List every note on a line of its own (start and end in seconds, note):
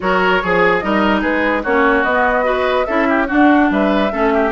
0.00 0.42 F#3
0.00 0.41 F#4
0.00 0.43 A#4
0.00 0.78 C#5
0.42 0.83 F3
0.42 0.82 G#4
0.42 0.84 G#4
0.78 1.23 G3
0.78 1.64 D#4
0.78 1.21 A#4
0.78 1.19 D#5
1.21 1.64 G#3
1.21 1.62 G#4
1.21 1.63 B4
1.63 2.04 A#3
1.63 2.06 C#4
1.63 2.45 F#4
1.63 2.03 C#5
2.03 2.86 B3
2.03 2.43 B3
2.03 2.85 D#5
2.43 2.84 F#4
2.43 2.86 B4
2.85 3.30 C#4
2.85 3.27 E4
2.85 3.07 A4
2.85 3.26 E5
3.09 3.27 G4
3.27 4.09 D4
3.27 3.70 D4
3.27 3.68 F#4
3.27 3.71 F#5
3.70 4.11 G3
3.70 4.12 B4
3.70 4.52 E5
4.11 4.52 A3
4.11 4.52 C#4
4.11 4.32 A4
4.33 4.52 G4